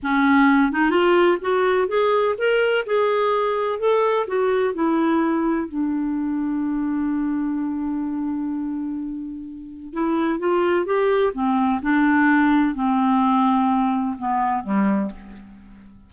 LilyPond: \new Staff \with { instrumentName = "clarinet" } { \time 4/4 \tempo 4 = 127 cis'4. dis'8 f'4 fis'4 | gis'4 ais'4 gis'2 | a'4 fis'4 e'2 | d'1~ |
d'1~ | d'4 e'4 f'4 g'4 | c'4 d'2 c'4~ | c'2 b4 g4 | }